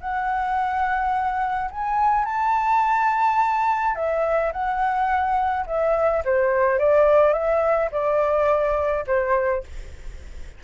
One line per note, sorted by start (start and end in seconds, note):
0.00 1.70 F#5
1.71 2.25 G#5
2.25 3.95 A5
3.95 4.52 E5
4.52 5.65 F#5
5.66 6.23 E5
6.24 6.78 C5
6.78 7.33 D5
7.33 7.89 E5
7.91 9.05 D5
9.07 9.63 C5